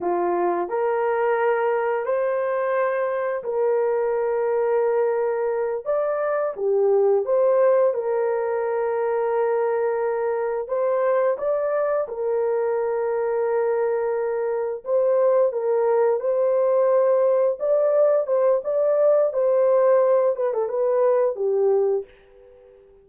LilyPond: \new Staff \with { instrumentName = "horn" } { \time 4/4 \tempo 4 = 87 f'4 ais'2 c''4~ | c''4 ais'2.~ | ais'8 d''4 g'4 c''4 ais'8~ | ais'2.~ ais'8 c''8~ |
c''8 d''4 ais'2~ ais'8~ | ais'4. c''4 ais'4 c''8~ | c''4. d''4 c''8 d''4 | c''4. b'16 a'16 b'4 g'4 | }